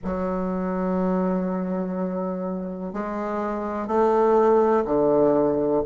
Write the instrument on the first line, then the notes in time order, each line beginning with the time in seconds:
bassoon
0.04 F#3
2.93 G#3
3.87 A3
4.85 D3